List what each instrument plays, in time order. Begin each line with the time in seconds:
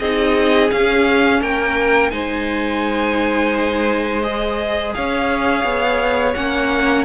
0.00 cello C4, viola D#4, violin G#4 D#5
0.71 viola C#4, cello C#4, violin F5
1.41 cello A#3, violin A#4 G5
2.11 cello G#3, viola D#4, violin C5 G#5
4.23 viola G#4, violin D#5
4.95 cello C#4, violin C#5 F5
5.64 cello B3
6.34 cello A#3, viola C#4, violin F#5